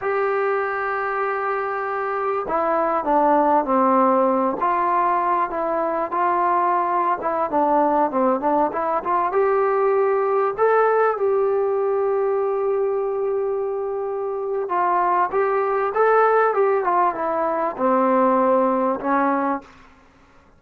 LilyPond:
\new Staff \with { instrumentName = "trombone" } { \time 4/4 \tempo 4 = 98 g'1 | e'4 d'4 c'4. f'8~ | f'4 e'4 f'4.~ f'16 e'16~ | e'16 d'4 c'8 d'8 e'8 f'8 g'8.~ |
g'4~ g'16 a'4 g'4.~ g'16~ | g'1 | f'4 g'4 a'4 g'8 f'8 | e'4 c'2 cis'4 | }